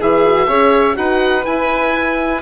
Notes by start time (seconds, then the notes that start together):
0.00 E3 E4 G#4 E5
0.25 F#4
0.47 C#4 G#4 C#5
0.94 D#4 F#4 B4 F#5
1.43 E4 G#5